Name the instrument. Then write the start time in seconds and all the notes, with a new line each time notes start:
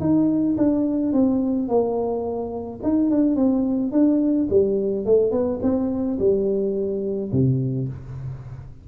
tuba
0.00 D#4
0.57 D4
1.13 C4
1.68 A#3
2.83 D#4
3.10 D4
3.36 C4
3.92 D4
4.49 G3
5.05 A3
5.31 B3
5.62 C4
6.19 G3
7.32 C3